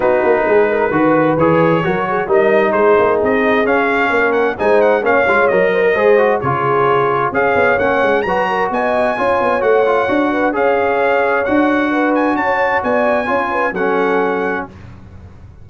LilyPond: <<
  \new Staff \with { instrumentName = "trumpet" } { \time 4/4 \tempo 4 = 131 b'2. cis''4~ | cis''4 dis''4 c''4 dis''4 | f''4. fis''8 gis''8 fis''8 f''4 | dis''2 cis''2 |
f''4 fis''4 ais''4 gis''4~ | gis''4 fis''2 f''4~ | f''4 fis''4. gis''8 a''4 | gis''2 fis''2 | }
  \new Staff \with { instrumentName = "horn" } { \time 4/4 fis'4 gis'8 ais'8 b'2 | ais'8 gis'8 ais'4 gis'2~ | gis'4 ais'4 c''4 cis''4~ | cis''8 c''16 ais'16 c''4 gis'2 |
cis''2 b'8 ais'8 dis''4 | cis''2~ cis''8 b'8 cis''4~ | cis''2 b'4 cis''4 | d''4 cis''8 b'8 a'2 | }
  \new Staff \with { instrumentName = "trombone" } { \time 4/4 dis'2 fis'4 gis'4 | fis'4 dis'2. | cis'2 dis'4 cis'8 f'8 | ais'4 gis'8 fis'8 f'2 |
gis'4 cis'4 fis'2 | f'4 fis'8 f'8 fis'4 gis'4~ | gis'4 fis'2.~ | fis'4 f'4 cis'2 | }
  \new Staff \with { instrumentName = "tuba" } { \time 4/4 b8 ais8 gis4 dis4 e4 | fis4 g4 gis8 ais8 c'4 | cis'4 ais4 gis4 ais8 gis8 | fis4 gis4 cis2 |
cis'8 b8 ais8 gis8 fis4 b4 | cis'8 b8 a4 d'4 cis'4~ | cis'4 d'2 cis'4 | b4 cis'4 fis2 | }
>>